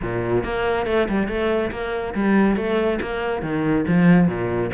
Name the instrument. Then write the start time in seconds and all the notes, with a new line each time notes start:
cello
0.02 A#2
0.44 A#3
0.86 A3
1.08 G3
1.28 A3
1.71 A#3
2.14 G3
2.56 A3
3.01 A#3
3.42 D#3
3.87 F3
4.27 A#2